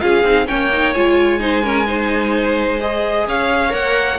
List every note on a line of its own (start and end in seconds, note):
0.00 0.24 C#4
0.00 0.23 F4
0.00 0.47 G#4
0.00 0.47 F5
0.24 0.47 C4
0.24 0.47 D#4
0.47 0.96 A#3
0.47 0.70 C#4
0.47 1.40 C#5
0.47 0.93 G5
0.72 0.95 D#4
0.93 3.27 G#3
0.93 1.40 F4
0.93 2.79 G#5
1.40 1.63 D#4
1.40 1.64 C5
1.63 1.86 C#4
1.63 1.87 A#4
1.87 2.80 D#4
1.87 3.27 C5
2.80 3.69 G#4
2.80 3.27 D#5
3.27 3.73 C#4
3.27 4.19 C#5
3.27 3.74 F5
3.69 4.19 A#3
3.69 4.16 A#4
3.69 4.19 F#5